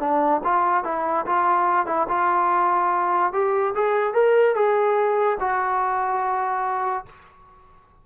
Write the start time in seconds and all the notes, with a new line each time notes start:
0.00 D4
0.44 F4
0.84 E4
1.26 F4
1.87 E4
2.09 F4
3.33 G4
3.75 G#4
4.14 A#4
4.56 G#4
5.40 F#4